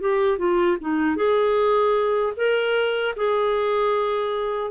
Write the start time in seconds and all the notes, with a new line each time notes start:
0.00 G4
0.38 F4
0.80 D#4
1.16 G#4
2.36 A#4
3.16 G#4